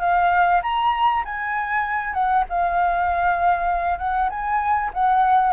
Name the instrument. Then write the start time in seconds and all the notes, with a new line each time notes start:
flute
0.00 F5
0.63 A#5
1.25 G#5
2.13 F#5
2.49 F5
3.99 F#5
4.30 G#5
4.94 F#5